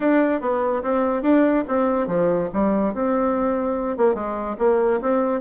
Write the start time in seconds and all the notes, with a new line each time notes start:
0.00 D4
0.40 B3
0.83 C4
1.22 D4
1.68 C4
2.07 F3
2.53 G3
2.94 C4
3.97 A#3
4.14 G#3
4.58 A#3
5.01 C4